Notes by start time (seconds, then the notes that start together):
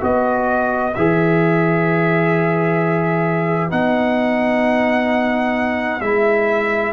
0.00 B3 F#4 B4 D#5
0.94 E3 G#4 E5
3.69 B3 D#4 F#5
6.00 G#3 E4 E5